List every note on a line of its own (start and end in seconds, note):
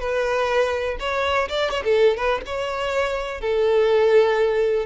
0.00 0.98 B4
1.00 1.49 C#5
1.49 1.71 D5
1.71 1.84 C#5
1.84 2.18 A4
2.18 2.42 B4
2.46 3.41 C#5
3.41 4.86 A4